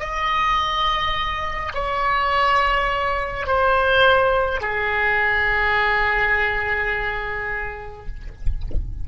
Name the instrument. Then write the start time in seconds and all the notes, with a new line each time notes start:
oboe
0.00 D#5
1.75 C#5
3.47 C5
4.62 G#4